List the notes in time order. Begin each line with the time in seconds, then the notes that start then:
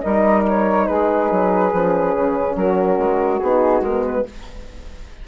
0.00 G3 D#4 A#4 D#5
0.48 C#5
0.86 G#3 G#4 B4
1.31 F#3
1.72 F3 C#4
2.15 C#3
2.55 F#3 F#4 A#4
2.97 G#3
3.39 B3 D#4 G#4
3.80 G#3 B3 A#4
4.06 B4